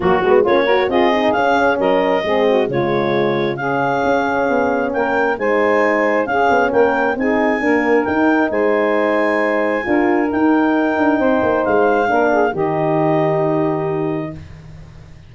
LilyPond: <<
  \new Staff \with { instrumentName = "clarinet" } { \time 4/4 \tempo 4 = 134 fis'4 cis''4 dis''4 f''4 | dis''2 cis''2 | f''2. g''4 | gis''2 f''4 g''4 |
gis''2 g''4 gis''4~ | gis''2. g''4~ | g''2 f''2 | dis''1 | }
  \new Staff \with { instrumentName = "saxophone" } { \time 4/4 fis'4 f'8 ais'8 gis'2 | ais'4 gis'8 fis'8 f'2 | gis'2. ais'4 | c''2 gis'4 ais'4 |
gis'4 ais'2 c''4~ | c''2 ais'2~ | ais'4 c''2 ais'8 gis'8 | g'1 | }
  \new Staff \with { instrumentName = "horn" } { \time 4/4 ais8 b8 cis'8 fis'8 f'8 dis'8 cis'4~ | cis'4 c'4 gis2 | cis'1 | dis'2 cis'2 |
dis'4 ais4 dis'2~ | dis'2 f'4 dis'4~ | dis'2. d'4 | dis'1 | }
  \new Staff \with { instrumentName = "tuba" } { \time 4/4 fis8 gis8 ais4 c'4 cis'4 | fis4 gis4 cis2~ | cis4 cis'4 b4 ais4 | gis2 cis'8 b8 ais4 |
c'4 d'4 dis'4 gis4~ | gis2 d'4 dis'4~ | dis'8 d'8 c'8 ais8 gis4 ais4 | dis1 | }
>>